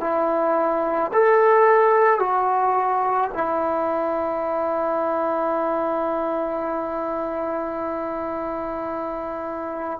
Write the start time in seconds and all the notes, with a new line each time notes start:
0.00 E4
1.13 A4
2.19 F#4
3.33 E4